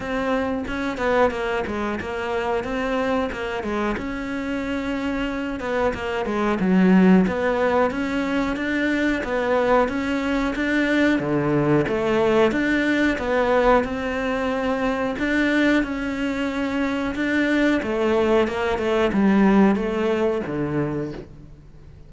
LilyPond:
\new Staff \with { instrumentName = "cello" } { \time 4/4 \tempo 4 = 91 c'4 cis'8 b8 ais8 gis8 ais4 | c'4 ais8 gis8 cis'2~ | cis'8 b8 ais8 gis8 fis4 b4 | cis'4 d'4 b4 cis'4 |
d'4 d4 a4 d'4 | b4 c'2 d'4 | cis'2 d'4 a4 | ais8 a8 g4 a4 d4 | }